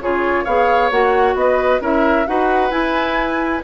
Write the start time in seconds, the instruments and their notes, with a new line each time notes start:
0.00 bassoon C#3, clarinet F4, oboe G#4, flute C#5
0.44 bassoon B3, clarinet G#4, oboe C#5, flute F5
0.91 bassoon A#3, clarinet F#4, flute F#5
1.34 bassoon B3, oboe B4, flute D#5
1.80 bassoon C#4, clarinet E4, oboe A#4, flute E5
2.26 bassoon D#4, clarinet F#4, oboe B4, flute F#5
2.70 clarinet E4, bassoon E4, flute G#5